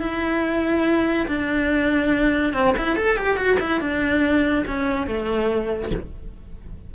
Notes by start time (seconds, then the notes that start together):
0.00 E4
1.28 D4
2.53 C4
2.78 E4
2.96 A4
3.17 G4
3.37 F#4
3.60 E4
3.80 D4
4.67 C#4
5.07 A3